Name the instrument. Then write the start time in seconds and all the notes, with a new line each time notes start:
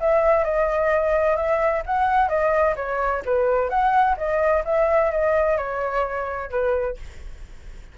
flute
0.00 E5
0.44 D#5
1.36 E5
1.86 F#5
2.28 D#5
2.76 C#5
3.25 B4
3.70 F#5
4.17 D#5
4.64 E5
5.11 D#5
5.57 C#5
6.50 B4